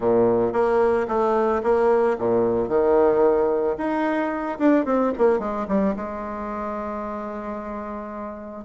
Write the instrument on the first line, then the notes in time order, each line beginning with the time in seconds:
bassoon
0.00 A#2
0.52 A#3
1.08 A3
1.63 A#3
2.18 A#2
2.68 D#3
3.77 D#4
4.58 D4
4.85 C4
5.17 A#3
5.39 G#3
5.68 G3
5.96 G#3